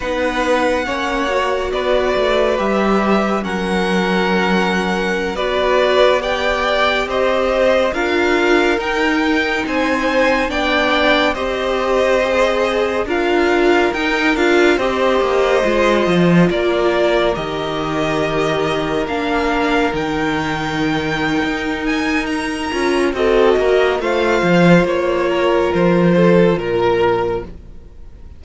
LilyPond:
<<
  \new Staff \with { instrumentName = "violin" } { \time 4/4 \tempo 4 = 70 fis''2 d''4 e''4 | fis''2~ fis''16 d''4 g''8.~ | g''16 dis''4 f''4 g''4 gis''8.~ | gis''16 g''4 dis''2 f''8.~ |
f''16 g''8 f''8 dis''2 d''8.~ | d''16 dis''2 f''4 g''8.~ | g''4. gis''8 ais''4 dis''4 | f''4 cis''4 c''4 ais'4 | }
  \new Staff \with { instrumentName = "violin" } { \time 4/4 b'4 cis''4 b'2 | ais'2~ ais'16 b'4 d''8.~ | d''16 c''4 ais'2 c''8.~ | c''16 d''4 c''2 ais'8.~ |
ais'4~ ais'16 c''2 ais'8.~ | ais'1~ | ais'2. a'8 ais'8 | c''4. ais'4 a'8 ais'4 | }
  \new Staff \with { instrumentName = "viola" } { \time 4/4 dis'4 cis'8 fis'4. g'4 | cis'2~ cis'16 fis'4 g'8.~ | g'4~ g'16 f'4 dis'4.~ dis'16~ | dis'16 d'4 g'4 gis'4 f'8.~ |
f'16 dis'8 f'8 g'4 f'4.~ f'16~ | f'16 g'2 d'4 dis'8.~ | dis'2~ dis'8 f'8 fis'4 | f'1 | }
  \new Staff \with { instrumentName = "cello" } { \time 4/4 b4 ais4 b8 a8 g4 | fis2~ fis16 b4.~ b16~ | b16 c'4 d'4 dis'4 c'8.~ | c'16 b4 c'2 d'8.~ |
d'16 dis'8 d'8 c'8 ais8 gis8 f8 ais8.~ | ais16 dis2 ais4 dis8.~ | dis4 dis'4. cis'8 c'8 ais8 | a8 f8 ais4 f4 ais,4 | }
>>